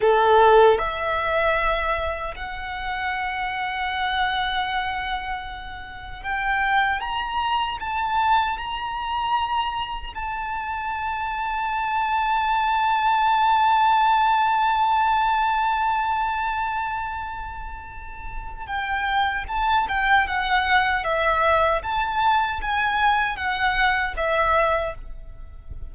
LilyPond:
\new Staff \with { instrumentName = "violin" } { \time 4/4 \tempo 4 = 77 a'4 e''2 fis''4~ | fis''1 | g''4 ais''4 a''4 ais''4~ | ais''4 a''2.~ |
a''1~ | a''1 | g''4 a''8 g''8 fis''4 e''4 | a''4 gis''4 fis''4 e''4 | }